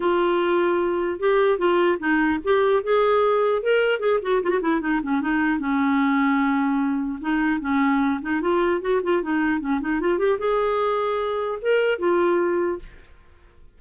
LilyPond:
\new Staff \with { instrumentName = "clarinet" } { \time 4/4 \tempo 4 = 150 f'2. g'4 | f'4 dis'4 g'4 gis'4~ | gis'4 ais'4 gis'8 fis'8 f'16 fis'16 e'8 | dis'8 cis'8 dis'4 cis'2~ |
cis'2 dis'4 cis'4~ | cis'8 dis'8 f'4 fis'8 f'8 dis'4 | cis'8 dis'8 f'8 g'8 gis'2~ | gis'4 ais'4 f'2 | }